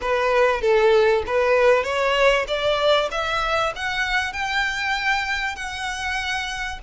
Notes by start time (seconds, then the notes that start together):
0.01 B4
0.61 A4
1.26 B4
1.83 C#5
2.47 D5
3.11 E5
3.75 F#5
4.32 G5
5.55 F#5